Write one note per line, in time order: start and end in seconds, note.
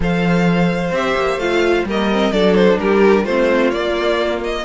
0.00 0.91 F3
0.00 0.92 A4
0.00 1.87 C5
0.00 0.94 F5
0.91 1.15 C4
0.91 1.40 G4
0.91 1.39 E5
1.16 1.36 A#3
1.36 1.83 A3
1.36 1.86 F4
1.36 1.85 F5
1.84 2.31 G3
1.84 2.11 A#3
1.84 2.33 A#4
1.84 2.31 D#5
2.11 2.32 C4
2.31 2.78 F#3
2.31 3.25 D4
2.31 2.80 A4
2.31 2.55 D5
2.55 2.78 C5
2.79 3.25 G3
2.79 3.24 G4
2.79 3.25 A#4
3.24 3.72 A3
3.24 3.73 C4
3.24 4.63 F4
3.24 3.70 C5
3.70 4.64 A#3
3.70 4.40 D5
4.43 4.64 D#5